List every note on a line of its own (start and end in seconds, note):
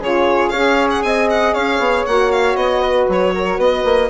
0.00 0.51 C#3
0.00 0.55 F4
0.00 0.51 G#4
0.00 0.49 C#5
0.49 1.03 C#4
0.49 2.08 G#4
0.49 1.03 C#5
0.49 0.88 F5
0.90 1.02 F#5
1.02 1.55 C4
1.02 1.54 D#5
1.02 1.28 G#5
1.30 1.54 F#5
1.54 1.79 C#4
1.54 2.82 C#5
1.54 2.05 F5
1.79 2.05 B3
2.06 2.56 A#3
2.06 4.10 F#4
2.06 2.32 F#5
2.32 2.56 F5
2.56 3.07 B3
2.56 3.08 D#5
2.82 3.33 B4
3.08 3.58 F#3
3.08 3.60 C#5
3.34 3.57 A#4
3.57 3.84 B3
3.57 4.09 B4
3.57 4.10 D#5
3.85 4.10 A#3